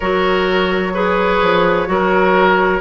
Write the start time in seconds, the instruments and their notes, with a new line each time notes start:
0.00 bassoon F#3, clarinet F#4, oboe A#4, flute C#5
0.94 clarinet G#4, oboe B4
1.42 bassoon F3
1.86 bassoon F#3, clarinet F#4, oboe A#4